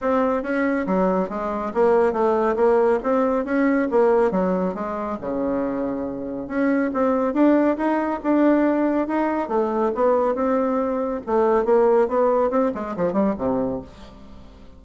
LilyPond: \new Staff \with { instrumentName = "bassoon" } { \time 4/4 \tempo 4 = 139 c'4 cis'4 fis4 gis4 | ais4 a4 ais4 c'4 | cis'4 ais4 fis4 gis4 | cis2. cis'4 |
c'4 d'4 dis'4 d'4~ | d'4 dis'4 a4 b4 | c'2 a4 ais4 | b4 c'8 gis8 f8 g8 c4 | }